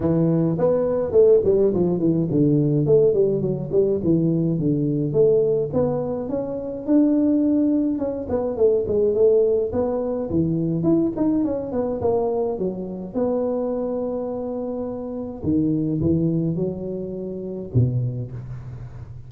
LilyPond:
\new Staff \with { instrumentName = "tuba" } { \time 4/4 \tempo 4 = 105 e4 b4 a8 g8 f8 e8 | d4 a8 g8 fis8 g8 e4 | d4 a4 b4 cis'4 | d'2 cis'8 b8 a8 gis8 |
a4 b4 e4 e'8 dis'8 | cis'8 b8 ais4 fis4 b4~ | b2. dis4 | e4 fis2 b,4 | }